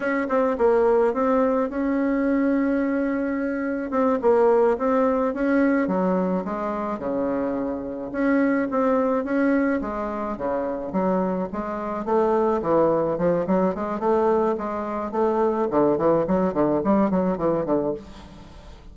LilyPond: \new Staff \with { instrumentName = "bassoon" } { \time 4/4 \tempo 4 = 107 cis'8 c'8 ais4 c'4 cis'4~ | cis'2. c'8 ais8~ | ais8 c'4 cis'4 fis4 gis8~ | gis8 cis2 cis'4 c'8~ |
c'8 cis'4 gis4 cis4 fis8~ | fis8 gis4 a4 e4 f8 | fis8 gis8 a4 gis4 a4 | d8 e8 fis8 d8 g8 fis8 e8 d8 | }